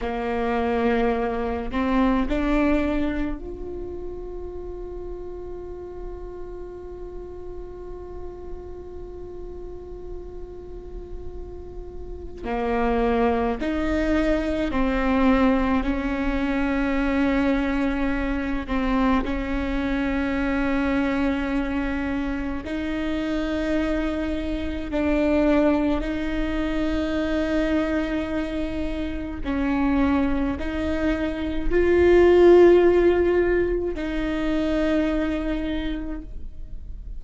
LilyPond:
\new Staff \with { instrumentName = "viola" } { \time 4/4 \tempo 4 = 53 ais4. c'8 d'4 f'4~ | f'1~ | f'2. ais4 | dis'4 c'4 cis'2~ |
cis'8 c'8 cis'2. | dis'2 d'4 dis'4~ | dis'2 cis'4 dis'4 | f'2 dis'2 | }